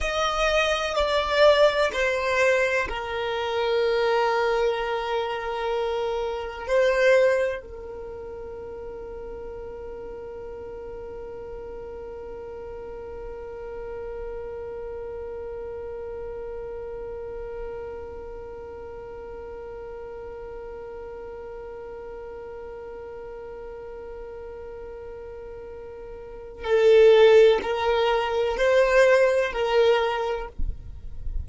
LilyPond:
\new Staff \with { instrumentName = "violin" } { \time 4/4 \tempo 4 = 63 dis''4 d''4 c''4 ais'4~ | ais'2. c''4 | ais'1~ | ais'1~ |
ais'1~ | ais'1~ | ais'1 | a'4 ais'4 c''4 ais'4 | }